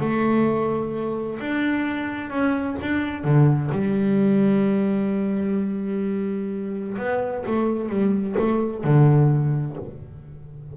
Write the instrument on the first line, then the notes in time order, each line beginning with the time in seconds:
double bass
0.00 A3
1.40 D4
2.30 C#4
2.82 D4
3.24 D3
3.72 G3
6.98 B3
7.47 A3
7.89 G3
8.39 A3
8.84 D3